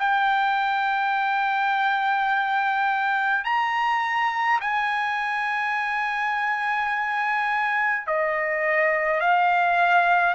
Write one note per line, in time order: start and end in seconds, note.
0.00 3.45 G5
3.45 4.60 A#5
4.62 8.07 G#5
8.07 9.21 D#5
9.21 10.35 F5